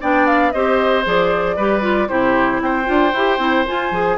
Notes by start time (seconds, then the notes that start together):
0.00 B3 D4 D5 G5
0.26 F5
0.51 C4 G4 C5 D#5
1.04 F3 G#4 D5
1.56 G3 G4 B4
1.81 F4
2.08 C3 E4 G4 C5
2.61 C4 C5 G5
2.84 D4 F4
3.13 E4 G4
3.38 C4 E4
3.67 F4 G#5
3.91 F3 G#4